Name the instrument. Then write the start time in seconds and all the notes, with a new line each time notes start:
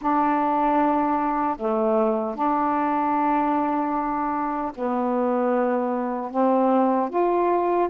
saxophone
0.01 D4
1.57 A3
2.35 D4
4.75 B3
6.30 C4
7.09 F4